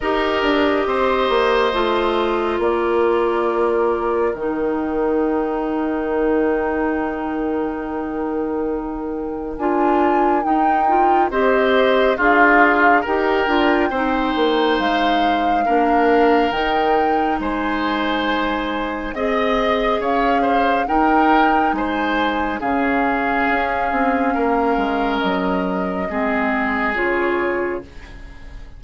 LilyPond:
<<
  \new Staff \with { instrumentName = "flute" } { \time 4/4 \tempo 4 = 69 dis''2. d''4~ | d''4 g''2.~ | g''2. gis''4 | g''4 dis''4 f''4 g''4~ |
g''4 f''2 g''4 | gis''2 dis''4 f''4 | g''4 gis''4 f''2~ | f''4 dis''2 cis''4 | }
  \new Staff \with { instrumentName = "oboe" } { \time 4/4 ais'4 c''2 ais'4~ | ais'1~ | ais'1~ | ais'4 c''4 f'4 ais'4 |
c''2 ais'2 | c''2 dis''4 cis''8 c''8 | ais'4 c''4 gis'2 | ais'2 gis'2 | }
  \new Staff \with { instrumentName = "clarinet" } { \time 4/4 g'2 f'2~ | f'4 dis'2.~ | dis'2. f'4 | dis'8 f'8 g'4 gis'4 g'8 f'8 |
dis'2 d'4 dis'4~ | dis'2 gis'2 | dis'2 cis'2~ | cis'2 c'4 f'4 | }
  \new Staff \with { instrumentName = "bassoon" } { \time 4/4 dis'8 d'8 c'8 ais8 a4 ais4~ | ais4 dis2.~ | dis2. d'4 | dis'4 c'4 d'4 dis'8 d'8 |
c'8 ais8 gis4 ais4 dis4 | gis2 c'4 cis'4 | dis'4 gis4 cis4 cis'8 c'8 | ais8 gis8 fis4 gis4 cis4 | }
>>